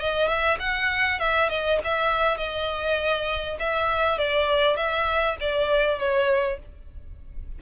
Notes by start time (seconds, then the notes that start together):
0.00 D#5
0.28 E5
0.60 F#5
1.20 E5
1.50 D#5
1.84 E5
2.38 D#5
3.60 E5
4.19 D5
4.77 E5
5.40 D5
5.99 C#5